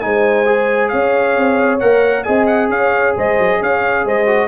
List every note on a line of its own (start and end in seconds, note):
0.00 0.93 G#3
0.00 0.46 D#4
0.00 0.92 C5
0.00 0.89 G#5
0.46 1.80 G#4
0.89 1.37 C#4
0.89 2.25 C#5
0.89 1.79 F5
1.37 1.82 C4
1.80 2.28 A#3
1.80 2.26 A#4
1.80 2.24 F#5
2.24 2.70 C4
2.24 4.27 G#4
2.24 2.70 D#5
2.24 2.46 G#5
2.47 2.69 F#5
2.70 3.14 C#4
2.70 3.16 C#5
2.70 3.16 F5
3.16 3.39 G#3
3.16 3.61 C5
3.16 3.63 D#5
3.39 3.61 F#3
3.62 4.05 C#4
3.62 4.05 C#5
3.62 4.08 F5
4.05 4.49 G#3
4.05 4.49 C5
4.05 4.49 D#5
4.27 4.49 F#4